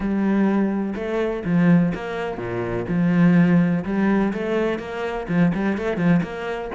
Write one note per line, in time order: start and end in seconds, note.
0.00 0.94 G3
0.95 1.43 A3
1.44 1.92 F3
1.94 2.37 A#3
2.37 2.85 A#2
2.88 3.84 F3
3.84 4.32 G3
4.33 4.78 A3
4.78 5.26 A#3
5.28 5.52 F3
5.54 5.77 G3
5.77 5.97 A3
5.97 6.20 F3
6.22 6.70 A#3